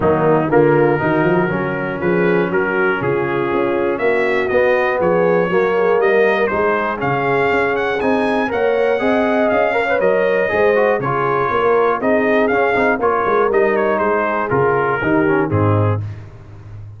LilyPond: <<
  \new Staff \with { instrumentName = "trumpet" } { \time 4/4 \tempo 4 = 120 dis'4 ais'2. | b'4 ais'4 gis'2 | e''4 dis''4 cis''2 | dis''4 c''4 f''4. fis''8 |
gis''4 fis''2 f''4 | dis''2 cis''2 | dis''4 f''4 cis''4 dis''8 cis''8 | c''4 ais'2 gis'4 | }
  \new Staff \with { instrumentName = "horn" } { \time 4/4 ais4 f'4 fis'2 | gis'4 fis'4 f'2 | fis'2 gis'4 fis'8 gis'8 | ais'4 gis'2.~ |
gis'4 cis''4 dis''4. cis''8~ | cis''4 c''4 gis'4 ais'4 | gis'2 ais'2 | gis'2 g'4 dis'4 | }
  \new Staff \with { instrumentName = "trombone" } { \time 4/4 fis4 ais4 dis'4 cis'4~ | cis'1~ | cis'4 b2 ais4~ | ais4 dis'4 cis'2 |
dis'4 ais'4 gis'4. ais'16 b'16 | ais'4 gis'8 fis'8 f'2 | dis'4 cis'8 dis'8 f'4 dis'4~ | dis'4 f'4 dis'8 cis'8 c'4 | }
  \new Staff \with { instrumentName = "tuba" } { \time 4/4 dis4 d4 dis8 f8 fis4 | f4 fis4 cis4 cis'4 | ais4 b4 f4 fis4 | g4 gis4 cis4 cis'4 |
c'4 ais4 c'4 cis'4 | fis4 gis4 cis4 ais4 | c'4 cis'8 c'8 ais8 gis8 g4 | gis4 cis4 dis4 gis,4 | }
>>